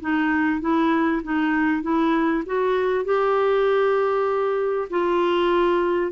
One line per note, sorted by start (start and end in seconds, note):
0.00 0.60 D#4
0.60 1.22 E4
1.23 1.82 D#4
1.82 2.43 E4
2.45 3.04 F#4
3.04 4.88 G4
4.90 6.11 F4